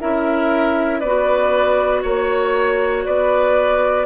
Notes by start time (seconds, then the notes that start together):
0.00 C#4 E4 A#4 E5
1.00 B3 F#4 B4 D5
2.03 A#3 C#5
3.06 B3 B4 D5